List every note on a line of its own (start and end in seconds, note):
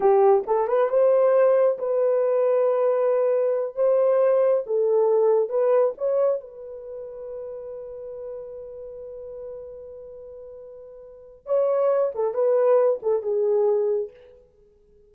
0.00 0.43 G4
0.46 0.67 A4
0.67 0.89 B4
0.89 1.78 C5
1.78 3.75 B4
3.75 4.64 C5
4.66 5.49 A4
5.49 5.93 B4
5.97 6.40 C#5
6.40 11.46 B4
11.46 12.12 C#5
12.14 12.33 A4
12.33 13.00 B4
13.02 13.22 A4
13.22 14.10 G#4